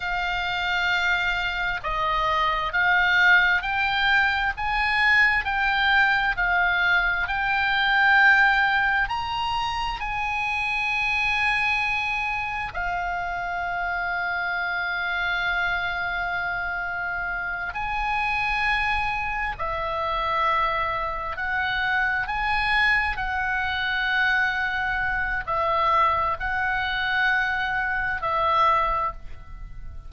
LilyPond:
\new Staff \with { instrumentName = "oboe" } { \time 4/4 \tempo 4 = 66 f''2 dis''4 f''4 | g''4 gis''4 g''4 f''4 | g''2 ais''4 gis''4~ | gis''2 f''2~ |
f''2.~ f''8 gis''8~ | gis''4. e''2 fis''8~ | fis''8 gis''4 fis''2~ fis''8 | e''4 fis''2 e''4 | }